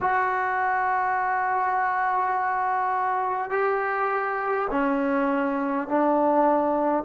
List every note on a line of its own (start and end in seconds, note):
0.00 3.50 F#4
3.50 4.67 G4
4.71 5.88 C#4
5.88 7.04 D4